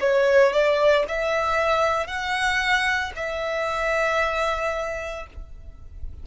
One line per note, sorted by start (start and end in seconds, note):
0.00 0.53 C#5
0.53 1.05 D5
1.08 2.07 E5
2.07 3.12 F#5
3.16 5.26 E5